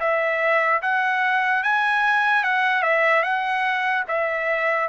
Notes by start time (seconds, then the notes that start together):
0.00 E5
0.82 F#5
1.63 G#5
2.44 F#5
2.82 E5
3.22 F#5
4.08 E5